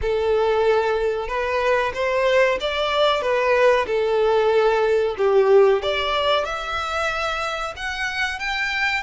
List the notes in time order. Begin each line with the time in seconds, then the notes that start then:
0.01 A4
1.28 B4
1.94 C5
2.60 D5
3.21 B4
3.86 A4
5.17 G4
5.82 D5
6.45 E5
7.76 F#5
8.39 G5